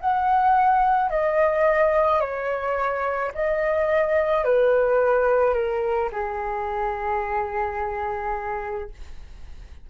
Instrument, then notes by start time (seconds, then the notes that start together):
flute
0.00 F#5
1.10 D#5
2.21 C#5
3.34 D#5
4.44 B4
5.54 A#4
6.12 G#4